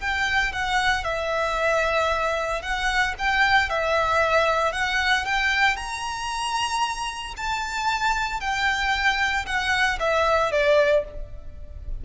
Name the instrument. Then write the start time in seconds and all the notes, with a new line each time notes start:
violin
0.00 G5
0.52 F#5
1.04 E5
2.62 F#5
3.18 G5
3.69 E5
4.72 F#5
5.25 G5
5.76 A#5
7.37 A5
8.40 G5
9.46 F#5
9.99 E5
10.52 D5